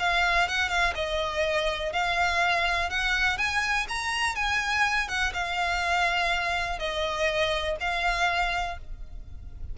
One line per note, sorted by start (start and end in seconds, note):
0.00 0.49 F5
0.49 0.69 F#5
0.69 0.94 F5
0.95 1.93 D#5
1.93 2.90 F5
2.90 3.38 F#5
3.38 3.87 G#5
3.89 4.36 A#5
4.36 5.09 G#5
5.09 5.33 F#5
5.33 6.79 F5
6.79 7.77 D#5
7.81 8.78 F5